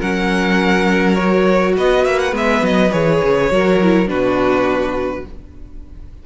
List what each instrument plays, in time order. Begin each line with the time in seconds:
0.00 cello F#3, viola C#4, violin A#4 F#5
1.15 viola F#4, violin C#5
1.77 cello B3, violin B4 D#5
2.05 cello A#3, violin E5
2.19 violin F#5
2.32 cello G#3, viola B3, violin E5
2.63 cello F#3, violin D#5
2.92 cello E3, viola G#4, violin C#5
3.23 cello C#3
3.51 cello F#3, viola F#4, violin A#4
3.82 viola E4
4.07 cello B2, viola D4, violin F#4 B4